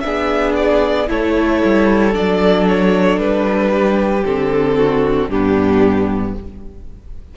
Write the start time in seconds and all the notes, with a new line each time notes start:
0.00 B3 D4 G#4 E5
0.57 D5
1.07 A3 E4 A4 C#5
1.64 G3
2.12 F#3 D4 D5
2.68 C#5
3.18 G3 B4
3.72 G4
4.25 D3 C4 A4
4.77 F#4
5.28 G2 B3 D4 G4